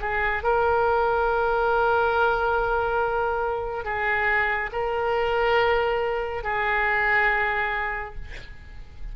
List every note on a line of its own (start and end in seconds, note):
0.00 0.43 G#4
0.43 3.85 A#4
3.85 4.70 G#4
4.72 6.44 A#4
6.44 8.15 G#4